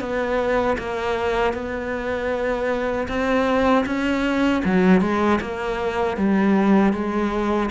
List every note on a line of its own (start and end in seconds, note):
0.00 0.77 B3
0.78 1.53 A#3
1.53 3.07 B3
3.08 3.85 C4
3.86 4.63 C#4
4.65 5.01 F#3
5.01 5.40 G#3
5.41 6.17 A#3
6.17 6.93 G3
6.93 7.70 G#3